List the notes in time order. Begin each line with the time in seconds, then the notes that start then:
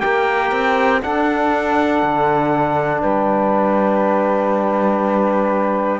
0.00 A#3 G4 A#4 G5
0.51 C4
1.02 D4 A4 F#5
2.02 D3
3.00 G3 B4 G5